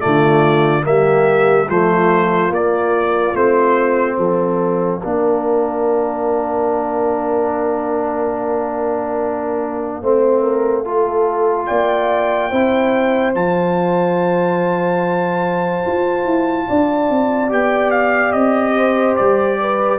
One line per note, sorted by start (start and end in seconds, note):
0.00 0.87 D3
0.00 0.82 A3
0.00 0.84 F4
0.00 0.84 D5
0.82 1.69 G3
0.82 1.66 A#3
0.82 1.67 G4
0.82 1.69 E5
1.67 2.50 F3
1.67 2.52 A3
1.67 4.17 F4
1.67 2.53 C5
2.50 3.33 A#3
2.50 3.34 A#3
2.50 3.36 D5
3.34 4.18 A3
3.34 5.01 C4
3.34 4.18 C5
4.17 5.01 F3
4.17 5.01 A4
4.17 11.66 F5
5.01 10.02 A#3
5.01 10.03 D4
5.01 10.01 A#4
10.02 11.69 A3
10.02 10.85 C4
10.02 10.42 C5
10.42 10.84 A#4
10.85 12.51 F4
10.85 11.68 A4
11.66 12.52 A#3
11.66 12.50 D5
11.66 13.33 G5
12.50 13.35 C4
12.50 13.35 E4
12.50 16.67 C5
13.35 15.85 F3
13.35 17.49 F4
13.35 17.52 A5
15.86 16.25 F4
16.25 16.67 E4
16.68 17.10 D4
16.68 18.76 D5
17.10 17.52 C4
17.49 18.34 B3
17.49 19.99 G4
17.49 17.91 G5
17.91 18.32 F5
18.32 19.18 C4
18.32 19.16 D#5
18.76 19.60 C5
19.16 19.99 G3
19.16 19.99 D5
19.61 19.99 B4